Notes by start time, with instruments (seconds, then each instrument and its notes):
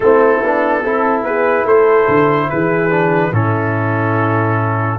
0.00 tuba A3, trombone C4, horn E4, trumpet A4
0.42 tuba B3, trombone D4
0.83 tuba C4, trombone E4, horn A4
1.22 tuba B3, horn G#4, trumpet B4
1.64 tuba A3, horn A4, trumpet C5
2.08 tuba D3
2.49 tuba E3, horn G#4, trumpet B4
2.90 trombone D4
3.31 tuba A2, trombone C#4, horn E4, trumpet A4